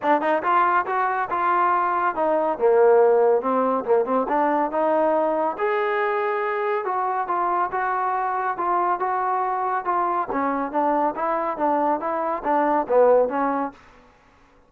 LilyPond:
\new Staff \with { instrumentName = "trombone" } { \time 4/4 \tempo 4 = 140 d'8 dis'8 f'4 fis'4 f'4~ | f'4 dis'4 ais2 | c'4 ais8 c'8 d'4 dis'4~ | dis'4 gis'2. |
fis'4 f'4 fis'2 | f'4 fis'2 f'4 | cis'4 d'4 e'4 d'4 | e'4 d'4 b4 cis'4 | }